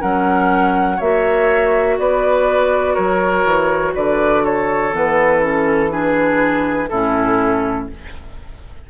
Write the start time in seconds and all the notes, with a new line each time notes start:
0.00 F#3 C#4 A#4 F#5
0.97 A#3 F#4 C#5 E5
1.98 B3 B4 D5
2.94 F#3 A#4 C#5
3.45 E3
3.94 D3 B4 D5
4.44 A4 C#5
4.92 E3 B3 B4
5.40 C#4 A4
5.90 D4 G#4 B4
6.88 A2 C#4 E4 A4